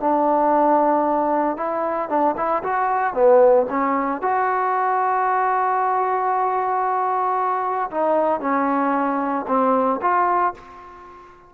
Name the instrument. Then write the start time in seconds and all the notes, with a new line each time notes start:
trombone
0.00 D4
1.57 E4
2.09 D4
2.37 E4
2.63 F#4
3.14 B3
3.70 C#4
4.22 F#4
7.91 D#4
8.40 C#4
9.48 C4
10.01 F4